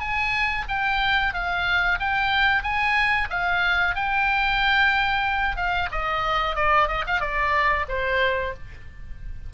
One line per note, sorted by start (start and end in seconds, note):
0.00 0.65 G#5
0.68 1.34 G5
1.34 1.99 F5
2.00 2.63 G5
2.63 3.28 G#5
3.30 3.95 F5
3.95 5.56 G5
5.56 5.89 F5
5.91 6.56 D#5
6.56 6.88 D5
6.88 7.05 D#5
7.07 7.21 F5
7.21 7.86 D5
7.88 8.53 C5